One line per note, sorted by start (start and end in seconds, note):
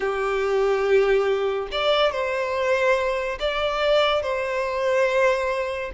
0.00 1.68 G4
1.71 2.11 D5
2.11 3.38 C5
3.39 4.22 D5
4.22 5.91 C5